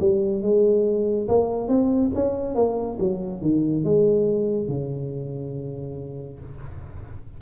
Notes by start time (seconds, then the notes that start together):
0.00 G3
0.42 G#3
1.29 A#3
1.69 C4
2.15 C#4
2.55 A#3
3.00 F#3
3.42 D#3
3.85 G#3
4.68 C#3